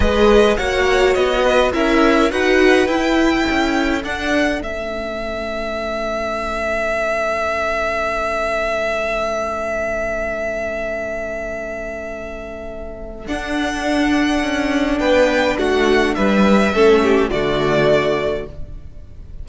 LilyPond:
<<
  \new Staff \with { instrumentName = "violin" } { \time 4/4 \tempo 4 = 104 dis''4 fis''4 dis''4 e''4 | fis''4 g''2 fis''4 | e''1~ | e''1~ |
e''1~ | e''2. fis''4~ | fis''2 g''4 fis''4 | e''2 d''2 | }
  \new Staff \with { instrumentName = "violin" } { \time 4/4 b'4 cis''4. b'8 ais'4 | b'2 a'2~ | a'1~ | a'1~ |
a'1~ | a'1~ | a'2 b'4 fis'4 | b'4 a'8 g'8 fis'2 | }
  \new Staff \with { instrumentName = "viola" } { \time 4/4 gis'4 fis'2 e'4 | fis'4 e'2 d'4 | cis'1~ | cis'1~ |
cis'1~ | cis'2. d'4~ | d'1~ | d'4 cis'4 a2 | }
  \new Staff \with { instrumentName = "cello" } { \time 4/4 gis4 ais4 b4 cis'4 | dis'4 e'4 cis'4 d'4 | a1~ | a1~ |
a1~ | a2. d'4~ | d'4 cis'4 b4 a4 | g4 a4 d2 | }
>>